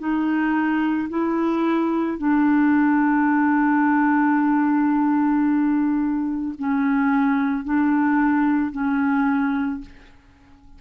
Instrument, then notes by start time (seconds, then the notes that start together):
clarinet
0.00 D#4
1.10 E4
2.19 D4
6.59 C#4
7.65 D4
8.72 C#4